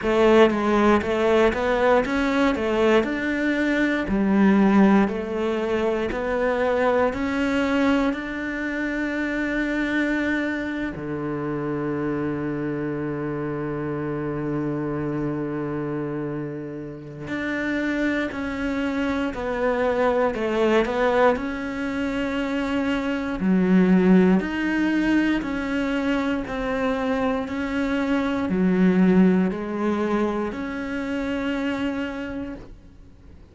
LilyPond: \new Staff \with { instrumentName = "cello" } { \time 4/4 \tempo 4 = 59 a8 gis8 a8 b8 cis'8 a8 d'4 | g4 a4 b4 cis'4 | d'2~ d'8. d4~ d16~ | d1~ |
d4 d'4 cis'4 b4 | a8 b8 cis'2 fis4 | dis'4 cis'4 c'4 cis'4 | fis4 gis4 cis'2 | }